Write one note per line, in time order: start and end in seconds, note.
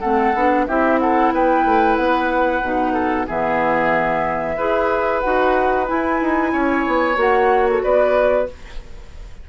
0.00 0.35 A3
0.00 0.35 C4
0.00 0.66 A4
0.00 0.65 F#5
0.35 0.67 B3
0.35 0.69 D4
0.66 1.33 C4
0.66 2.63 E4
0.66 1.00 G4
0.66 0.99 E5
1.00 1.34 A4
1.00 1.32 F#5
1.33 1.65 B3
1.33 2.94 B4
1.33 1.96 G5
1.65 1.97 A3
1.96 2.62 B3
1.96 3.27 F#5
2.63 3.28 B2
2.63 3.27 D#4
2.94 3.26 A4
3.27 4.58 E3
3.27 4.57 B3
3.27 4.57 G#4
3.27 5.20 E5
4.57 5.24 E4
4.57 5.23 G#4
4.57 6.52 B4
5.20 5.90 D#4
5.20 5.87 F#4
5.20 5.85 F#5
5.87 7.16 E4
5.87 6.21 E4
5.87 7.18 G#5
6.21 6.53 D#4
6.53 6.86 C#4
6.53 7.83 C#5
6.87 7.17 B3
7.16 7.82 A#3
7.16 8.46 F#4
7.16 7.69 F#5
7.70 7.84 A4
7.83 8.49 B3
7.83 8.48 B4
7.83 8.49 D5